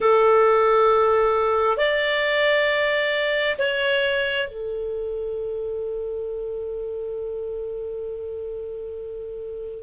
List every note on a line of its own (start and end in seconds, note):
0.00 1.77 A4
1.77 3.56 D5
3.58 4.48 C#5
4.48 9.83 A4